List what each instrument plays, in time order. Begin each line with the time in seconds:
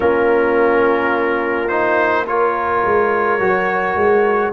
0.00 tuba A#3, trombone C#4, horn F4, trumpet A#4
1.68 trombone D#4, trumpet C5
2.26 trombone F4, horn A#4, trumpet C#5
2.83 tuba G#3
3.39 tuba F#3, trombone F#4
3.95 tuba G#3